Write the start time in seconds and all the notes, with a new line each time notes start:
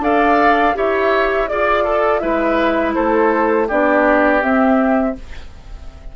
0.00 D4 A4 D5 F5
0.75 E4 G4 C#5 E5
1.49 F4 G#4 D5
1.84 A4
2.20 G#3 E4 B4 E5
2.95 A3 A4 C5
3.68 B3 D4 G4 D5
4.42 C4 E5